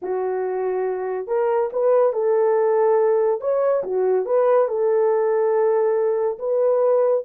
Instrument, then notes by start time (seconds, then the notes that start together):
horn
0.02 F#4
1.27 A#4
1.73 B4
2.13 A4
3.40 C#5
3.83 F#4
4.25 B4
4.68 A4
6.38 B4